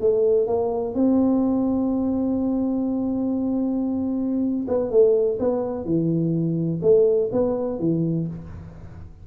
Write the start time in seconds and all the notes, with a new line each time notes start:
0.00 A3
0.46 A#3
0.94 C4
4.68 B3
4.90 A3
5.39 B3
5.85 E3
6.82 A3
7.32 B3
7.79 E3